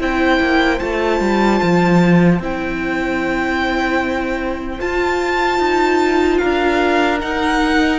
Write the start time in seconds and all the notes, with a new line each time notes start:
0.00 C4 E4 C5 G5
0.41 A#3
0.80 A3 F4 A5
1.20 G3
1.63 F3
2.40 C4 E4 G5
4.79 F4 A5
5.59 D#4
6.39 D4 A#4 F5
7.20 D#4 F#5